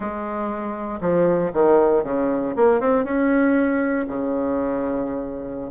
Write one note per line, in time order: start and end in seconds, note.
0.00 1.00 G#3
1.00 1.51 F3
1.53 2.03 D#3
2.03 2.54 C#3
2.55 2.80 A#3
2.80 3.04 C4
3.04 4.06 C#4
4.07 5.71 C#3